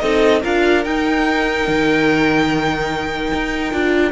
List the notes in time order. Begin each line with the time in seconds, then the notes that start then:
0.00 C4 D#4 A4 D#5
0.42 D4 F4 A#4 F5
0.85 D#4 G5
1.68 D#3
3.33 D#4
3.72 D4 F4